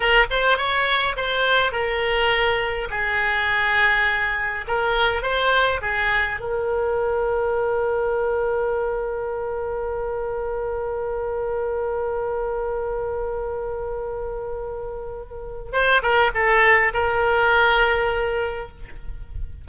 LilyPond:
\new Staff \with { instrumentName = "oboe" } { \time 4/4 \tempo 4 = 103 ais'8 c''8 cis''4 c''4 ais'4~ | ais'4 gis'2. | ais'4 c''4 gis'4 ais'4~ | ais'1~ |
ais'1~ | ais'1~ | ais'2. c''8 ais'8 | a'4 ais'2. | }